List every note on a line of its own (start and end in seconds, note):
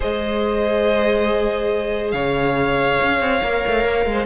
0.00 2.13 G#3
0.00 3.40 G#4
0.00 2.13 C5
0.00 2.11 D#5
2.11 2.98 C#3
2.11 4.06 C#5
2.11 4.25 F5
3.03 3.20 C#4
3.20 3.41 C4
3.42 3.64 A#3
3.42 4.26 A#4
3.67 3.84 A3
3.84 4.05 A#3
4.05 4.26 G#3
4.11 4.26 C5